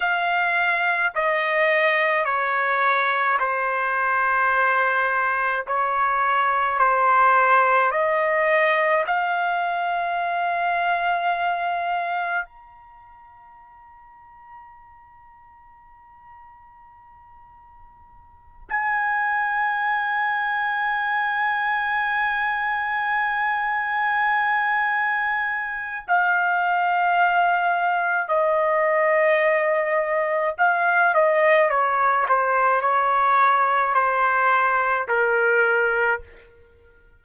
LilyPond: \new Staff \with { instrumentName = "trumpet" } { \time 4/4 \tempo 4 = 53 f''4 dis''4 cis''4 c''4~ | c''4 cis''4 c''4 dis''4 | f''2. ais''4~ | ais''1~ |
ais''8 gis''2.~ gis''8~ | gis''2. f''4~ | f''4 dis''2 f''8 dis''8 | cis''8 c''8 cis''4 c''4 ais'4 | }